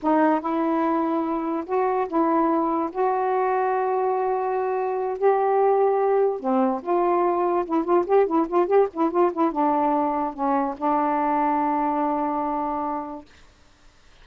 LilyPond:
\new Staff \with { instrumentName = "saxophone" } { \time 4/4 \tempo 4 = 145 dis'4 e'2. | fis'4 e'2 fis'4~ | fis'1~ | fis'8 g'2. c'8~ |
c'8 f'2 e'8 f'8 g'8 | e'8 f'8 g'8 e'8 f'8 e'8 d'4~ | d'4 cis'4 d'2~ | d'1 | }